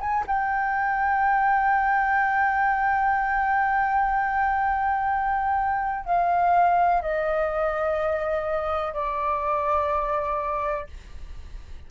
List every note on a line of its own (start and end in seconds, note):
0.00 0.24 G#5
0.27 6.05 G5
6.05 7.02 F5
7.02 8.93 D#5
8.93 10.87 D5